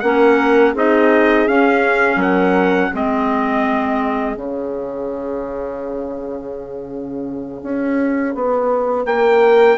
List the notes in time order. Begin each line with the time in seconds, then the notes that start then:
0.00 A#3 C#4 A#4 F#5
0.72 C4 D#4 G#4 D#5
1.48 C#4 F5
2.16 F#3 A#4 F#5
2.90 G#3 C4 G#4 D#5
4.36 C#3 C#4 F5
7.62 C#4
8.35 B3
9.05 A#3 A#4 G5